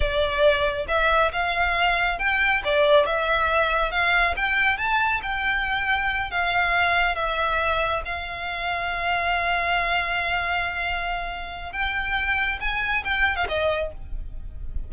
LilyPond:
\new Staff \with { instrumentName = "violin" } { \time 4/4 \tempo 4 = 138 d''2 e''4 f''4~ | f''4 g''4 d''4 e''4~ | e''4 f''4 g''4 a''4 | g''2~ g''8 f''4.~ |
f''8 e''2 f''4.~ | f''1~ | f''2. g''4~ | g''4 gis''4 g''8. f''16 dis''4 | }